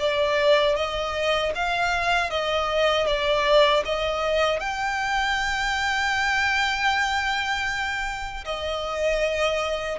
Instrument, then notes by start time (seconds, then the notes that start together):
violin
0.00 D5
0.76 D#5
1.55 F5
2.31 D#5
3.07 D5
3.85 D#5
4.60 G5
8.45 D#5